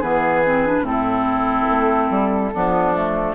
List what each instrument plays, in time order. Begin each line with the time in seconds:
0.00 bassoon E3, clarinet B3, oboe G#4, flute B4
0.46 clarinet C4
0.67 clarinet D4
0.82 bassoon A2, clarinet C4, flute A4
0.90 oboe E4
1.70 bassoon A3
2.10 bassoon G3
2.54 bassoon F3, clarinet B3, oboe D4
2.94 clarinet A3